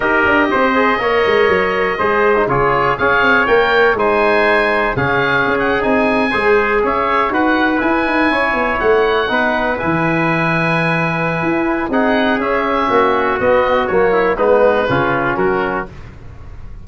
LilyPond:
<<
  \new Staff \with { instrumentName = "oboe" } { \time 4/4 \tempo 4 = 121 dis''1~ | dis''4 cis''4 f''4 g''4 | gis''2 f''4~ f''16 fis''8 gis''16~ | gis''4.~ gis''16 e''4 fis''4 gis''16~ |
gis''4.~ gis''16 fis''2 gis''16~ | gis''1 | fis''4 e''2 dis''4 | cis''4 b'2 ais'4 | }
  \new Staff \with { instrumentName = "trumpet" } { \time 4/4 ais'4 c''4 cis''2 | c''4 gis'4 cis''2 | c''2 gis'2~ | gis'8. c''4 cis''4 b'4~ b'16~ |
b'8. cis''2 b'4~ b'16~ | b'1 | gis'2 fis'2~ | fis'8 e'8 dis'4 f'4 fis'4 | }
  \new Staff \with { instrumentName = "trombone" } { \time 4/4 g'4. gis'8 ais'2 | gis'8. dis'16 f'4 gis'4 ais'4 | dis'2 cis'4.~ cis'16 dis'16~ | dis'8. gis'2 fis'4 e'16~ |
e'2~ e'8. dis'4 e'16~ | e'1 | dis'4 cis'2 b4 | ais4 b4 cis'2 | }
  \new Staff \with { instrumentName = "tuba" } { \time 4/4 dis'8 d'8 c'4 ais8 gis8 fis4 | gis4 cis4 cis'8 c'8 ais4 | gis2 cis4 cis'8. c'16~ | c'8. gis4 cis'4 dis'4 e'16~ |
e'16 dis'8 cis'8 b8 a4 b4 e16~ | e2. e'4 | c'4 cis'4 ais4 b4 | fis4 gis4 cis4 fis4 | }
>>